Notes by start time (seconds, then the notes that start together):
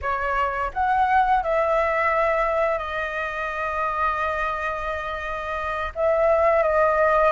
0.01 C#5
0.73 F#5
1.43 E5
2.78 D#5
5.95 E5
6.62 D#5